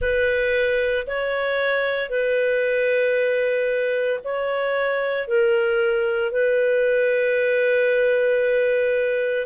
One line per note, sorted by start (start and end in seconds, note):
0.00 1.06 B4
1.06 2.09 C#5
2.09 4.20 B4
4.23 5.27 C#5
5.27 6.31 A#4
6.31 9.46 B4